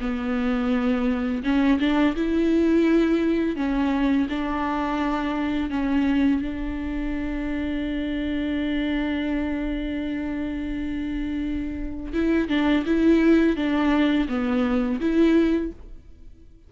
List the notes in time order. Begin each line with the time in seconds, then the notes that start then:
0.00 B3
1.43 C#4
1.80 D4
2.16 E4
3.56 C#4
4.29 D4
5.70 C#4
6.41 D4
12.13 E4
12.48 D4
12.86 E4
13.56 D4
14.28 B3
15.00 E4